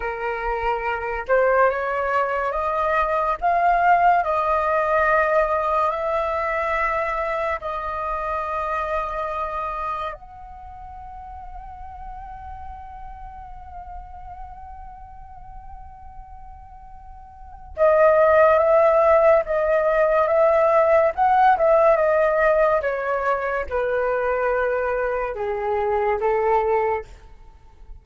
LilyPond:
\new Staff \with { instrumentName = "flute" } { \time 4/4 \tempo 4 = 71 ais'4. c''8 cis''4 dis''4 | f''4 dis''2 e''4~ | e''4 dis''2. | fis''1~ |
fis''1~ | fis''4 dis''4 e''4 dis''4 | e''4 fis''8 e''8 dis''4 cis''4 | b'2 gis'4 a'4 | }